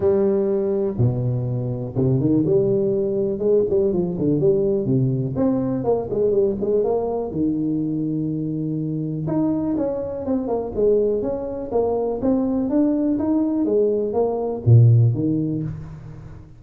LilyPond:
\new Staff \with { instrumentName = "tuba" } { \time 4/4 \tempo 4 = 123 g2 b,2 | c8 dis8 g2 gis8 g8 | f8 d8 g4 c4 c'4 | ais8 gis8 g8 gis8 ais4 dis4~ |
dis2. dis'4 | cis'4 c'8 ais8 gis4 cis'4 | ais4 c'4 d'4 dis'4 | gis4 ais4 ais,4 dis4 | }